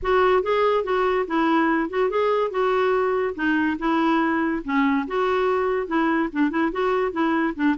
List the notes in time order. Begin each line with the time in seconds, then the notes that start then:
0.02 F#4
0.43 G#4
0.84 F#4
1.27 E4
1.89 F#4
2.10 G#4
2.50 F#4
3.35 D#4
3.79 E4
4.64 C#4
5.07 F#4
5.87 E4
6.32 D4
6.50 E4
6.71 F#4
7.12 E4
7.55 D4